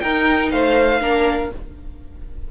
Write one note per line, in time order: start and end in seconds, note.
0.00 0.52 D#4
0.00 1.00 D#4
0.00 0.52 A#4
0.00 0.50 G5
0.51 1.01 A3
0.51 1.01 C5
0.51 1.51 F5
1.00 1.51 A#3
1.00 1.50 D4
1.00 1.51 A#4